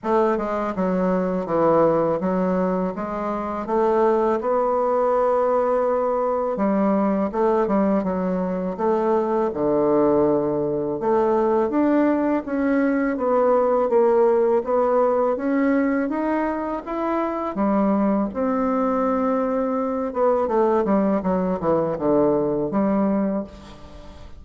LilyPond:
\new Staff \with { instrumentName = "bassoon" } { \time 4/4 \tempo 4 = 82 a8 gis8 fis4 e4 fis4 | gis4 a4 b2~ | b4 g4 a8 g8 fis4 | a4 d2 a4 |
d'4 cis'4 b4 ais4 | b4 cis'4 dis'4 e'4 | g4 c'2~ c'8 b8 | a8 g8 fis8 e8 d4 g4 | }